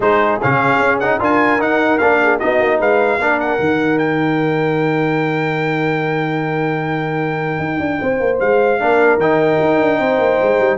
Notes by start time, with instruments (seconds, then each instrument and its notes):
0.00 tuba G#3, trombone D#4, horn G#4, trumpet C5
0.41 tuba C#3, trombone C#4, trumpet F5
0.79 tuba C#4
0.99 trombone D#4, trumpet F#5
1.19 tuba D4, trombone F4, horn A#4, trumpet G#5
1.58 tuba D#4, trombone D#4, trumpet F#5
1.98 tuba A#3, trombone D4, trumpet F5
2.22 horn G#4
2.39 tuba B3, trombone D#4, horn F#4, trumpet D#5
2.60 tuba A#3
2.78 tuba G#3, horn B4, trumpet F5
3.18 tuba A#3, trombone D4, horn A#4
3.40 trumpet F#5
3.59 tuba D#3, trombone D#4
3.98 trumpet G5
7.59 tuba D#4
7.79 tuba D4
8.01 tuba C4, horn C5
8.20 tuba A#3
8.39 tuba G#3, trumpet F5
8.79 tuba A#3, trombone D4, horn A#4
9.17 tuba D#3, trombone D#4, trumpet G5
9.60 tuba D#4
9.80 tuba D4
9.99 tuba C4, horn C5
10.18 tuba A#3
10.42 tuba G#3
10.59 tuba G3